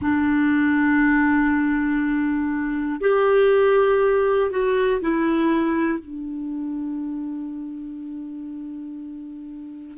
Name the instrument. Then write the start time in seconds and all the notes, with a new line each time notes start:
clarinet
0.01 D4
3.00 G4
4.50 F#4
5.00 E4
5.99 D4